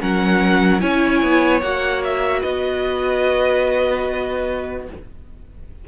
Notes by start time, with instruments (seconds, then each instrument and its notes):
0.00 cello F#3, viola C#4, violin A#4 F#5
0.80 cello C#4, viola E4, violin C#5 G#5
1.23 cello B3
1.61 cello A#3, viola F#4, violin F#5
2.04 violin E5
2.41 cello B3, violin B4 D#5